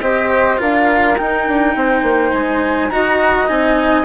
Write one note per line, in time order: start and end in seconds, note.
0.00 0.58 C4
0.00 0.57 G4
0.00 0.59 C5
0.00 0.58 D#5
0.57 1.18 D4
0.57 1.15 F4
0.57 1.75 A#4
0.57 1.17 F5
1.17 2.90 D#4
1.17 1.48 D#4
1.17 2.32 G5
1.48 1.75 D4
1.75 2.02 C4
1.75 2.92 C5
2.02 2.31 A#3
2.32 2.89 G#3
2.32 2.89 G#5
2.89 3.47 D#4
2.89 3.46 F#4
2.89 4.05 D#5
2.89 3.47 A#5
3.46 4.05 C4
3.46 4.04 D#4
3.46 4.05 G#5